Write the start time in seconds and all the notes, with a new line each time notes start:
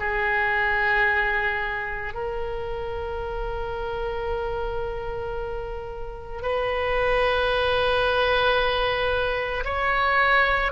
0.00 G#4
2.14 A#4
6.43 B4
9.65 C#5